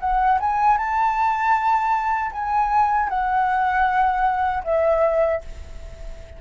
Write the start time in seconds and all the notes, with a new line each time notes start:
0.00 F#5
0.40 G#5
0.77 A5
2.32 G#5
3.09 F#5
4.64 E5